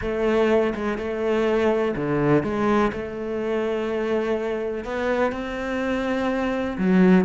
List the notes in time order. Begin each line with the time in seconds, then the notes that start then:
0.01 A3
0.74 G#3
0.97 A3
1.96 D3
2.43 G#3
2.92 A3
4.84 B3
5.31 C4
6.78 F#3